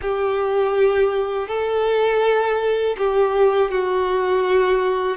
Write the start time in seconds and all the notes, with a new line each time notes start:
0.01 G4
1.48 A4
2.97 G4
3.71 F#4